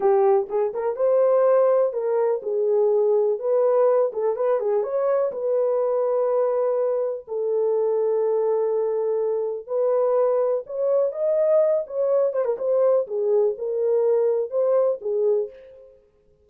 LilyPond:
\new Staff \with { instrumentName = "horn" } { \time 4/4 \tempo 4 = 124 g'4 gis'8 ais'8 c''2 | ais'4 gis'2 b'4~ | b'8 a'8 b'8 gis'8 cis''4 b'4~ | b'2. a'4~ |
a'1 | b'2 cis''4 dis''4~ | dis''8 cis''4 c''16 ais'16 c''4 gis'4 | ais'2 c''4 gis'4 | }